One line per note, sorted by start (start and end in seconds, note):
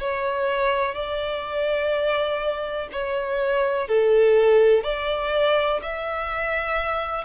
0.00 0.95 C#5
0.95 2.88 D5
2.92 3.88 C#5
3.88 4.83 A4
4.83 5.80 D5
5.82 7.24 E5